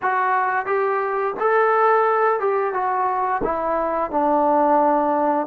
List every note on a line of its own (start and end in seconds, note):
0.02 0.66 F#4
0.66 1.34 G4
1.39 2.40 A4
2.40 2.73 G4
2.73 3.41 F#4
3.43 4.10 E4
4.10 5.47 D4